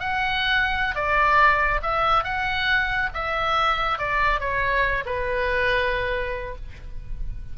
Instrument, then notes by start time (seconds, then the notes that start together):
oboe
0.00 F#5
0.96 D5
1.83 E5
2.24 F#5
3.15 E5
3.99 D5
4.40 C#5
5.06 B4